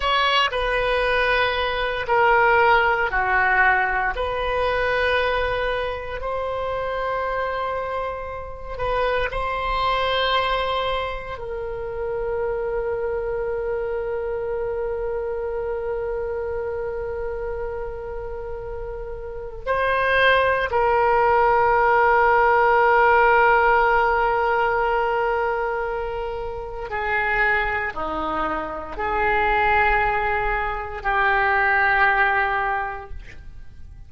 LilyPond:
\new Staff \with { instrumentName = "oboe" } { \time 4/4 \tempo 4 = 58 cis''8 b'4. ais'4 fis'4 | b'2 c''2~ | c''8 b'8 c''2 ais'4~ | ais'1~ |
ais'2. c''4 | ais'1~ | ais'2 gis'4 dis'4 | gis'2 g'2 | }